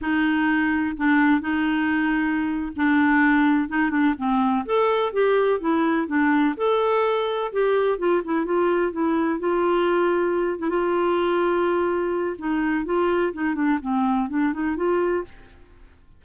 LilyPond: \new Staff \with { instrumentName = "clarinet" } { \time 4/4 \tempo 4 = 126 dis'2 d'4 dis'4~ | dis'4.~ dis'16 d'2 dis'16~ | dis'16 d'8 c'4 a'4 g'4 e'16~ | e'8. d'4 a'2 g'16~ |
g'8. f'8 e'8 f'4 e'4 f'16~ | f'2~ f'16 e'16 f'4.~ | f'2 dis'4 f'4 | dis'8 d'8 c'4 d'8 dis'8 f'4 | }